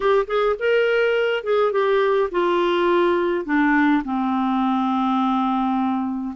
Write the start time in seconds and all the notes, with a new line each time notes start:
0.00 G4
0.27 G#4
0.59 A#4
1.43 G#4
1.72 G4
2.31 F4
3.45 D4
4.04 C4